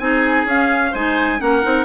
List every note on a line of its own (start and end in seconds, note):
0.00 0.45 C4
0.00 0.47 D#4
0.00 0.92 G#4
0.00 0.47 G#5
0.45 0.91 C#4
0.45 0.95 C#4
0.45 0.95 F5
0.92 1.41 G#3
0.92 1.39 D#4
0.92 1.38 C5
0.92 1.41 G#5
1.39 1.64 A#3
1.39 1.62 C#4
1.39 1.85 A#4
1.39 1.85 F#5
1.63 1.85 C4
1.63 1.85 D#4